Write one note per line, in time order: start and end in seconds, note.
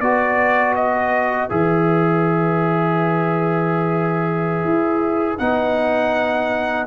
0.00 1.48 B3
0.00 1.50 F#4
0.00 6.86 B4
0.00 0.74 D5
0.75 1.49 D#5
1.49 4.64 E3
1.49 5.38 G#4
1.49 5.38 E5
4.64 5.38 E4
5.38 6.86 B3
5.38 6.86 D#4
5.38 6.86 F#5